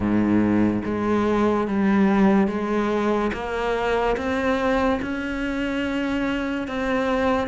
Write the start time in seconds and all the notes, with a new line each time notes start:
0.00 G#2
0.84 G#3
1.67 G3
2.47 G#3
3.33 A#3
4.16 C4
5.02 C#4
6.67 C4